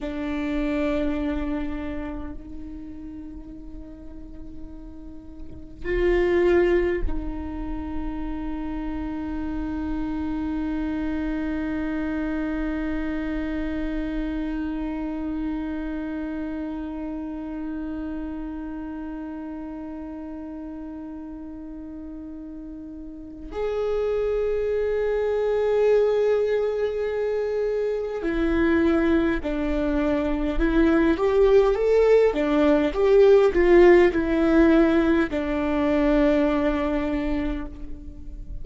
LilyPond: \new Staff \with { instrumentName = "viola" } { \time 4/4 \tempo 4 = 51 d'2 dis'2~ | dis'4 f'4 dis'2~ | dis'1~ | dis'1~ |
dis'1 | gis'1 | e'4 d'4 e'8 g'8 a'8 d'8 | g'8 f'8 e'4 d'2 | }